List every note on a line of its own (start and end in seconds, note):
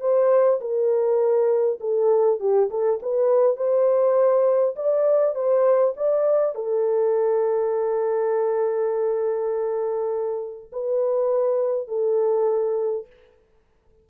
0.00 0.59 C5
0.60 1.79 A#4
1.80 2.40 A4
2.40 2.69 G4
2.70 3.00 A4
3.02 3.56 B4
3.56 4.75 C5
4.76 5.35 D5
5.35 5.94 C5
5.96 6.55 D5
6.55 10.71 A4
10.72 11.88 B4
11.88 13.07 A4